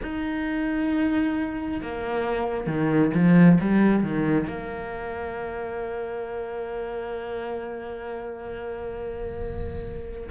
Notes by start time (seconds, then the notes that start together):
0.02 D#4
1.82 A#3
2.66 D#3
3.13 F3
3.60 G3
4.03 D#3
4.47 A#3